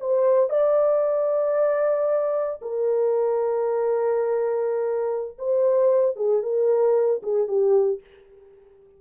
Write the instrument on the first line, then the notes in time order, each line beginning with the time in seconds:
horn
0.00 C5
0.49 D5
2.61 A#4
5.38 C5
6.16 G#4
6.42 A#4
7.22 G#4
7.48 G4